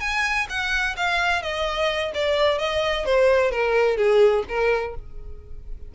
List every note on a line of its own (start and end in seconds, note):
0.00 0.47 G#5
0.49 0.96 F#5
0.96 1.42 F5
1.42 2.11 D#5
2.14 2.58 D5
2.58 3.05 D#5
3.05 3.51 C5
3.51 3.97 A#4
3.97 4.43 G#4
4.48 4.95 A#4